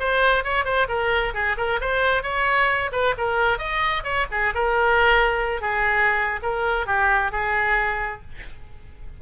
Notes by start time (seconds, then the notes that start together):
0.00 C5
0.44 C#5
0.65 C5
0.89 A#4
1.35 G#4
1.58 A#4
1.81 C5
2.24 C#5
2.92 B4
3.18 A#4
3.59 D#5
4.04 C#5
4.32 G#4
4.55 A#4
5.62 G#4
6.43 A#4
6.87 G4
7.32 G#4